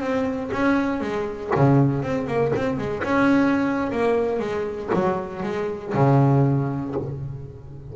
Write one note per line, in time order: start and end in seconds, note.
0.00 0.50 C4
0.52 1.01 C#4
1.01 1.51 G#3
1.55 2.03 C#3
2.03 2.27 C4
2.27 2.52 A#3
2.56 2.77 C4
2.77 3.03 G#3
3.03 3.91 C#4
3.92 4.39 A#3
4.39 4.90 G#3
4.94 5.43 F#3
5.43 5.93 G#3
5.94 6.95 C#3